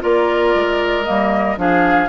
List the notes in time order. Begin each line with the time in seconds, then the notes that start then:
0.00 A#3 F4 A#4 D5
0.55 G#3
1.04 G3 A#3 D#5
1.57 F3 D4 G#4 F5